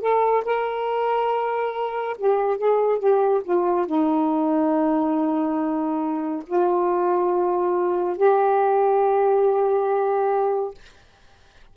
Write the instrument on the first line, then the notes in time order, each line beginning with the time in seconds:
saxophone
0.00 A4
0.44 A#4
2.18 G4
2.57 G#4
2.98 G4
3.44 F4
3.86 D#4
6.46 F4
8.17 G4